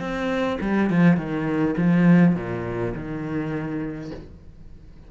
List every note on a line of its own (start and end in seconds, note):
0.00 0.58 C4
0.61 0.90 G3
0.90 1.17 F3
1.17 1.75 D#3
1.77 2.35 F3
2.35 2.94 A#2
2.94 4.11 D#3